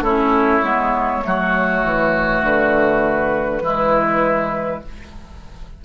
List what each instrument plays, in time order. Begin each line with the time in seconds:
0.00 bassoon A3, clarinet C#4, oboe E4, flute C#5
0.62 bassoon G#3, clarinet B3
1.22 bassoon F#3, clarinet A3, oboe F#4
1.83 bassoon E3
2.41 bassoon D3, flute B4
3.62 bassoon E3, clarinet G#3, oboe E4